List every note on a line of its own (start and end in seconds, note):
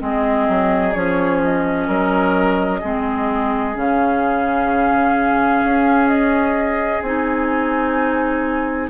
0.00 0.48 G#3
0.00 0.94 C4
0.00 1.88 G#4
0.00 0.93 D#5
0.49 0.96 F#3
0.93 1.89 F3
0.93 2.82 C#4
0.93 1.40 C#5
1.44 3.78 D#5
1.88 2.82 F#3
1.88 2.81 A#4
2.81 3.77 G#3
2.81 3.75 C4
2.81 8.90 G#4
3.75 5.64 C#3
3.75 7.03 C#4
3.75 6.09 F5
5.65 7.02 C#4
6.09 7.02 D#5
7.02 8.90 C4
7.02 8.91 D#4
7.02 8.91 G#5